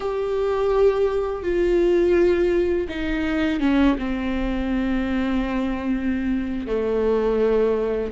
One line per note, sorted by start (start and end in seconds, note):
0.00 1.43 G4
1.43 2.87 F4
2.88 3.60 D#4
3.60 3.96 C#4
3.98 6.67 C4
6.67 8.11 A3